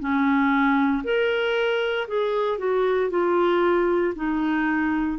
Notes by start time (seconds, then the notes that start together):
0.00 C#4
1.04 A#4
2.08 G#4
2.59 F#4
3.10 F4
4.15 D#4